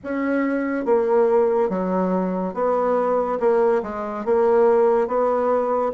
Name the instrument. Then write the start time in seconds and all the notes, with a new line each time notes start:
bassoon
0.03 C#4
0.85 A#3
1.69 F#3
2.54 B3
3.40 A#3
3.83 G#3
4.25 A#3
5.07 B3